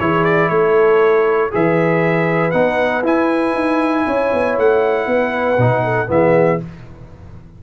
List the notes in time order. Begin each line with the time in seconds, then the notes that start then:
0.00 E3 E4 G#4 C#5
0.25 D5
0.49 A3 A4 C#5
1.51 E3 G#4 B4 E5
2.52 B3 D#4 F#5
3.03 E4 G#5
3.54 D#4
4.07 C#4 C#5
4.34 B3
4.58 A3 F#5
5.07 B3 B4
5.58 B2 D#4
5.84 A4
6.07 E3 B3 G#4 E5